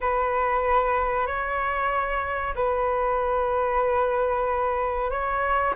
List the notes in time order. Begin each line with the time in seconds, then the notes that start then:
0.00 B4
1.26 C#5
2.55 B4
5.10 C#5